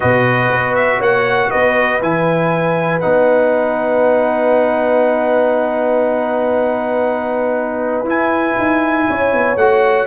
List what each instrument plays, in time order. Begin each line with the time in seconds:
0.00 tuba B2, trombone F#4, horn B4, trumpet D#5
0.50 tuba B3
0.75 trumpet E5
0.97 tuba A#3, horn C#5, trumpet F#5
1.50 tuba B3, horn B4, trumpet D#5
2.01 tuba E3, trombone E4, trumpet G#5
3.00 tuba B3, trombone D#4, trumpet F#5
8.03 tuba E4, trombone E4, trumpet G#5
8.58 tuba D#4
9.09 tuba C#4, horn C#5
9.33 tuba B3
9.56 tuba A3, trombone F#4, trumpet F#5